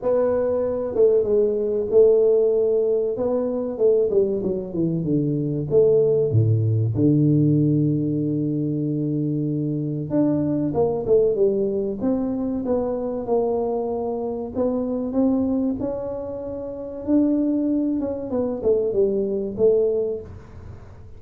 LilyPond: \new Staff \with { instrumentName = "tuba" } { \time 4/4 \tempo 4 = 95 b4. a8 gis4 a4~ | a4 b4 a8 g8 fis8 e8 | d4 a4 a,4 d4~ | d1 |
d'4 ais8 a8 g4 c'4 | b4 ais2 b4 | c'4 cis'2 d'4~ | d'8 cis'8 b8 a8 g4 a4 | }